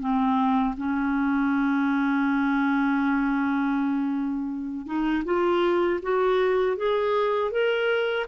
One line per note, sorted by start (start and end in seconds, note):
0.00 0.75 C4
0.77 4.86 C#4
4.86 5.24 D#4
5.25 6.00 F4
6.03 6.77 F#4
6.77 7.51 G#4
7.51 8.26 A#4